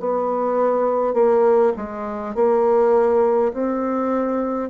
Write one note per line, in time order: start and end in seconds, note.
0.00 1.14 B3
1.14 1.73 A#3
1.77 2.35 G#3
2.35 3.53 A#3
3.53 4.70 C4